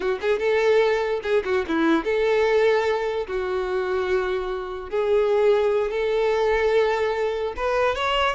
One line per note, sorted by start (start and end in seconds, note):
0.00 0.19 F#4
0.21 0.39 G#4
0.39 1.20 A4
1.22 1.43 G#4
1.44 1.65 F#4
1.67 2.04 E4
2.04 3.27 A4
3.27 4.90 F#4
4.90 5.91 G#4
5.91 7.54 A4
7.56 7.95 B4
7.95 8.35 C#5